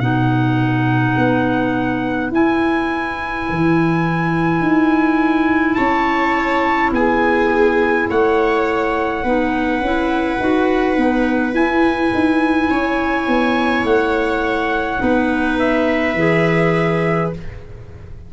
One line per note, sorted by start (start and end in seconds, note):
0.00 1.15 B2
0.00 2.33 D#4
0.00 5.77 B4
0.00 2.31 F#5
1.17 2.31 B3
2.31 3.47 E4
2.31 9.25 E4
2.31 5.75 G#5
3.50 4.61 E3
4.61 5.77 D#4
5.75 6.92 C#4
5.75 6.93 C#5
5.75 6.91 A5
6.92 8.07 B3
6.92 8.10 G#4
6.92 8.10 G#5
8.10 9.24 A3
8.10 9.24 C#5
8.10 11.55 F#5
9.24 9.81 B3
9.24 9.83 D#4
9.24 12.70 B4
9.81 10.39 C#4
9.81 10.40 E4
10.40 10.97 D#4
10.40 10.96 F#4
10.96 11.54 B3
10.96 11.53 D#4
11.53 14.99 E4
11.53 12.12 E4
11.53 13.86 G#5
12.15 12.70 D#4
12.70 13.28 C#4
12.70 15.01 C#5
13.28 13.84 B3
13.84 15.00 A3
13.84 15.59 F#5
14.99 16.15 B3
14.99 16.14 D#4
14.99 17.33 B4
15.59 17.32 E5
16.15 17.30 E3
16.15 17.34 G#4